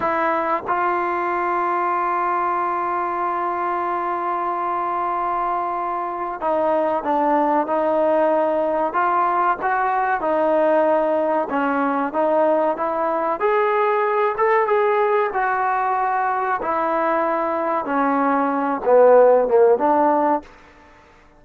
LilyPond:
\new Staff \with { instrumentName = "trombone" } { \time 4/4 \tempo 4 = 94 e'4 f'2.~ | f'1~ | f'2 dis'4 d'4 | dis'2 f'4 fis'4 |
dis'2 cis'4 dis'4 | e'4 gis'4. a'8 gis'4 | fis'2 e'2 | cis'4. b4 ais8 d'4 | }